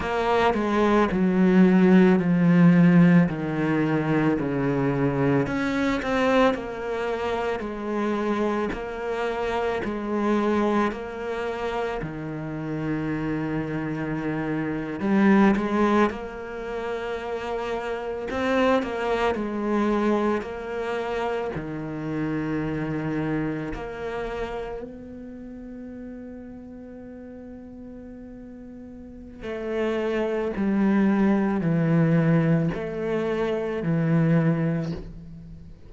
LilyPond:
\new Staff \with { instrumentName = "cello" } { \time 4/4 \tempo 4 = 55 ais8 gis8 fis4 f4 dis4 | cis4 cis'8 c'8 ais4 gis4 | ais4 gis4 ais4 dis4~ | dis4.~ dis16 g8 gis8 ais4~ ais16~ |
ais8. c'8 ais8 gis4 ais4 dis16~ | dis4.~ dis16 ais4 b4~ b16~ | b2. a4 | g4 e4 a4 e4 | }